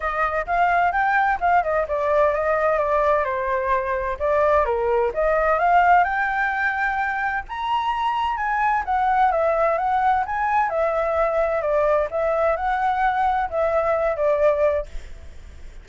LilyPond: \new Staff \with { instrumentName = "flute" } { \time 4/4 \tempo 4 = 129 dis''4 f''4 g''4 f''8 dis''8 | d''4 dis''4 d''4 c''4~ | c''4 d''4 ais'4 dis''4 | f''4 g''2. |
ais''2 gis''4 fis''4 | e''4 fis''4 gis''4 e''4~ | e''4 d''4 e''4 fis''4~ | fis''4 e''4. d''4. | }